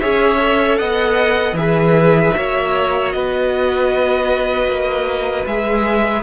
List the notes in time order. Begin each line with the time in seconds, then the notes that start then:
0.00 C#4 G#4 C#5 E5
0.38 A4
0.78 B3 D#5 F#5
1.53 E3 G#4 E5
1.60 B4
2.35 A#3 F#4 C#5
3.12 B3 B4 D#5
4.67 A#3
5.46 G#3 G#4 E5